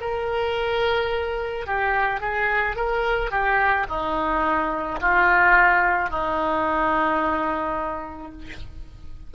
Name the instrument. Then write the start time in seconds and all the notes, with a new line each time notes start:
oboe
0.00 A#4
1.66 G4
2.20 G#4
2.76 A#4
3.31 G4
3.89 D#4
5.01 F4
6.10 D#4